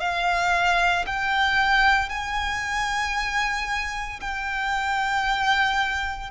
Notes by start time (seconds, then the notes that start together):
0.00 F5
1.06 G5
2.09 G#5
4.20 G5